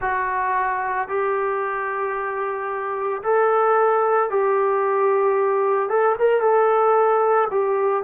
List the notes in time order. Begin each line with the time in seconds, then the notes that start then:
0.01 F#4
1.08 G4
3.22 A4
4.30 G4
5.89 A4
6.19 A#4
6.40 A4
7.50 G4